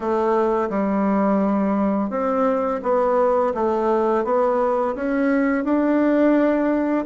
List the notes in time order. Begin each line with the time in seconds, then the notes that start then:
0.00 A3
0.69 G3
2.10 C4
2.82 B3
3.54 A3
4.24 B3
4.95 C#4
5.64 D4